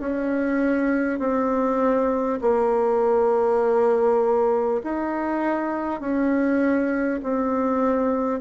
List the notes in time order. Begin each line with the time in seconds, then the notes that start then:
0.00 C#4
1.19 C4
2.41 A#3
4.84 D#4
6.01 C#4
7.23 C4